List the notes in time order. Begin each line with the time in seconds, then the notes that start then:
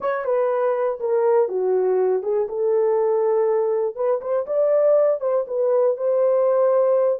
0.00 C#5
0.24 B4
0.99 A#4
1.48 F#4
2.22 G#4
2.48 A4
3.95 B4
4.21 C5
4.46 D5
5.20 C5
5.47 B4
5.97 C5